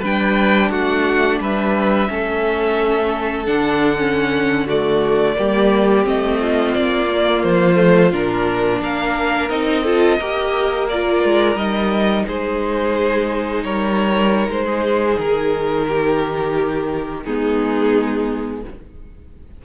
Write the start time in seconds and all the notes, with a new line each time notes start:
0.00 G3 D4 B4 G5
0.71 A3 F#4 F#5
1.40 G3 B4 E5
2.08 A3 C#4 A4
3.47 D3 D4 F#5
3.98 C#4
4.66 A3 F#4 D5
5.37 G3 A#3 G4
6.04 A3 C4 D#5
6.41 F4
6.75 A#3 D5
7.10 A#3
7.44 F3 C5
7.76 A3
8.13 A#2 D4 A#4
8.82 A#3 A#4 F5
9.50 C4 D#4 D#5
9.84 F4 A4
10.19 A#3 G4 A#4
10.90 F4 D5
11.24 G#3
11.56 G3 D#4 D#5
12.27 G#3 G#4 C5
13.64 G3 A#4 C#5
14.49 G#3 C5
14.66 G#4
15.19 D#3 A#4
15.89 G4
17.24 G#3 B3 D#4 G#4